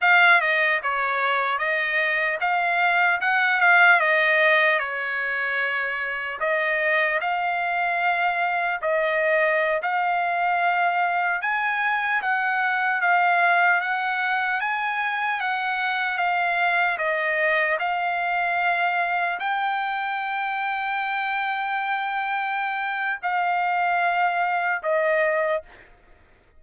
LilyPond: \new Staff \with { instrumentName = "trumpet" } { \time 4/4 \tempo 4 = 75 f''8 dis''8 cis''4 dis''4 f''4 | fis''8 f''8 dis''4 cis''2 | dis''4 f''2 dis''4~ | dis''16 f''2 gis''4 fis''8.~ |
fis''16 f''4 fis''4 gis''4 fis''8.~ | fis''16 f''4 dis''4 f''4.~ f''16~ | f''16 g''2.~ g''8.~ | g''4 f''2 dis''4 | }